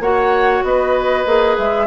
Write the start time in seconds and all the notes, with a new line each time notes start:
0.00 A#3 F#4 C#5 F#5
0.63 B3 B4 D#5
1.26 A#3 G#4
1.58 G#3 E5